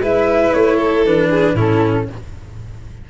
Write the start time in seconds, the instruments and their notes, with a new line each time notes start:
0.00 tuba G#3, cello E4, violin B4, flute E5
0.53 tuba A3, flute C#5
0.76 violin A4
1.06 tuba E3, cello D4, flute B4
1.30 violin G#4
1.54 tuba A2, cello C#4, violin E4, flute A4